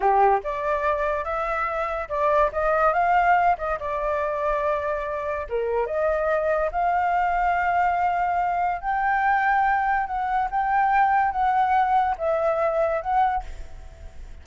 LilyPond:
\new Staff \with { instrumentName = "flute" } { \time 4/4 \tempo 4 = 143 g'4 d''2 e''4~ | e''4 d''4 dis''4 f''4~ | f''8 dis''8 d''2.~ | d''4 ais'4 dis''2 |
f''1~ | f''4 g''2. | fis''4 g''2 fis''4~ | fis''4 e''2 fis''4 | }